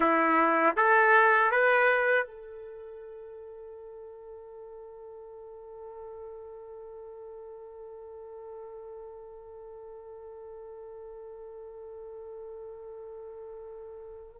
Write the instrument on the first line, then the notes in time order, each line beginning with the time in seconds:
trumpet
0.00 E4
0.76 A4
1.51 B4
2.26 A4